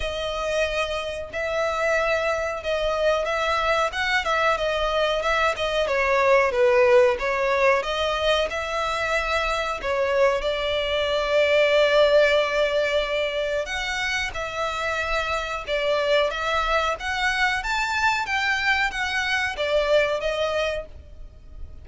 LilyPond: \new Staff \with { instrumentName = "violin" } { \time 4/4 \tempo 4 = 92 dis''2 e''2 | dis''4 e''4 fis''8 e''8 dis''4 | e''8 dis''8 cis''4 b'4 cis''4 | dis''4 e''2 cis''4 |
d''1~ | d''4 fis''4 e''2 | d''4 e''4 fis''4 a''4 | g''4 fis''4 d''4 dis''4 | }